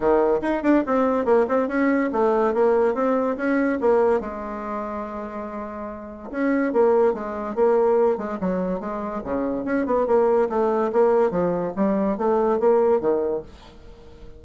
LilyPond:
\new Staff \with { instrumentName = "bassoon" } { \time 4/4 \tempo 4 = 143 dis4 dis'8 d'8 c'4 ais8 c'8 | cis'4 a4 ais4 c'4 | cis'4 ais4 gis2~ | gis2. cis'4 |
ais4 gis4 ais4. gis8 | fis4 gis4 cis4 cis'8 b8 | ais4 a4 ais4 f4 | g4 a4 ais4 dis4 | }